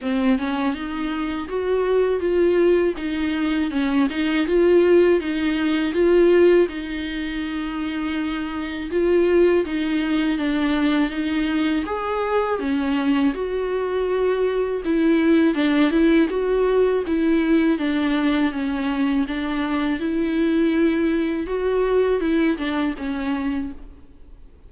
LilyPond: \new Staff \with { instrumentName = "viola" } { \time 4/4 \tempo 4 = 81 c'8 cis'8 dis'4 fis'4 f'4 | dis'4 cis'8 dis'8 f'4 dis'4 | f'4 dis'2. | f'4 dis'4 d'4 dis'4 |
gis'4 cis'4 fis'2 | e'4 d'8 e'8 fis'4 e'4 | d'4 cis'4 d'4 e'4~ | e'4 fis'4 e'8 d'8 cis'4 | }